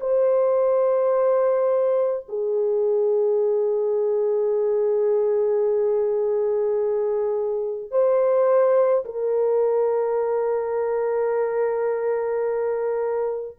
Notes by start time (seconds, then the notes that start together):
0.00 C5
2.29 G#4
7.91 C5
9.05 A#4